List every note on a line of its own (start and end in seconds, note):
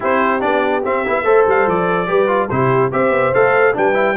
0.00 0.43 C4
0.00 0.40 E4
0.00 1.23 G4
0.00 0.41 C5
0.40 0.85 B3
0.40 0.81 D4
0.40 0.83 D5
0.84 1.05 C4
0.84 1.47 E5
1.05 1.23 B3
1.05 1.24 E4
1.23 1.44 A3
1.23 2.06 A4
1.23 2.07 C5
1.46 1.66 G3
1.46 1.69 F5
1.66 2.08 F3
1.66 2.49 D5
2.06 2.50 G3
2.06 2.27 G4
2.06 2.50 B4
2.27 2.48 F4
2.49 2.92 C3
2.49 2.91 E4
2.49 2.92 G4
2.49 2.90 C5
2.91 3.10 C4
2.91 3.33 G4
2.91 3.75 C5
2.91 3.34 E5
3.10 3.31 B3
3.34 3.75 A3
3.34 3.73 A4
3.34 3.75 F5
3.73 4.17 G3
3.73 3.93 D4
3.73 4.17 B4
3.73 4.17 G5
3.93 4.14 E4